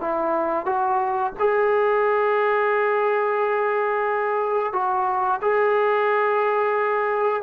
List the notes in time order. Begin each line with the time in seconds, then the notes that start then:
0.00 E4
0.65 F#4
1.39 G#4
4.73 F#4
5.41 G#4